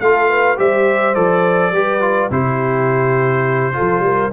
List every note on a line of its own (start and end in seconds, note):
0.00 0.58 A3
0.00 0.57 F4
0.00 0.29 A4
0.00 0.58 F5
0.29 0.58 B4
0.57 1.16 G3
0.57 1.14 G4
0.57 1.73 C5
0.57 1.15 E5
1.15 1.72 F3
1.15 1.72 A4
1.15 2.30 D5
1.72 2.29 G3
1.72 2.01 G4
1.72 2.31 B4
2.01 2.30 F4
2.30 3.74 C3
2.30 3.73 E4
2.30 3.75 G4
2.30 4.32 C5
3.73 4.31 F4
3.73 4.04 A4
3.80 4.00 F3
4.00 4.28 G3
4.00 4.32 A#4